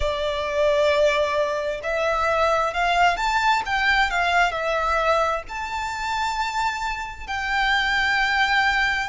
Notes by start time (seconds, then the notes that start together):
0.00 D5
1.83 E5
2.73 F5
3.17 A5
3.65 G5
4.10 F5
4.51 E5
5.48 A5
7.27 G5